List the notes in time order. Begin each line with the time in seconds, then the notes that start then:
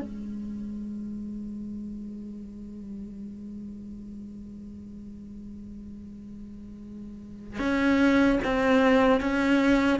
0.00 G#3
7.59 C#4
8.44 C4
9.20 C#4